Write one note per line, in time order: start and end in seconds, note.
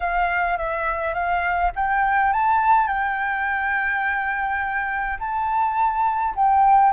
0.00 0.57 F5
0.57 1.14 E5
1.14 1.72 F5
1.75 2.33 G5
2.33 2.87 A5
2.87 5.18 G5
5.19 6.34 A5
6.35 6.92 G5